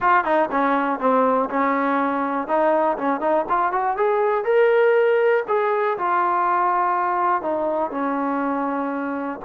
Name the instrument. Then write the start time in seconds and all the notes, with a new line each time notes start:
trombone
0.00 F4
0.24 D#4
0.51 C#4
0.99 C4
1.49 C#4
2.47 D#4
2.97 C#4
3.20 D#4
3.49 F4
3.71 F#4
3.96 G#4
4.44 A#4
5.48 G#4
5.98 F4
7.42 D#4
7.90 C#4